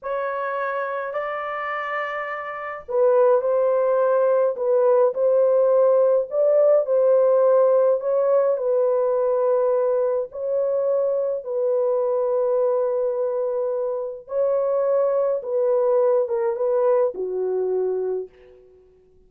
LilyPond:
\new Staff \with { instrumentName = "horn" } { \time 4/4 \tempo 4 = 105 cis''2 d''2~ | d''4 b'4 c''2 | b'4 c''2 d''4 | c''2 cis''4 b'4~ |
b'2 cis''2 | b'1~ | b'4 cis''2 b'4~ | b'8 ais'8 b'4 fis'2 | }